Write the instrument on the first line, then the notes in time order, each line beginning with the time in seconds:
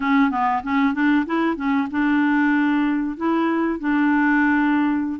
clarinet
0.00 C#4
0.30 B3
0.63 C#4
0.94 D4
1.26 E4
1.56 C#4
1.90 D4
3.17 E4
3.79 D4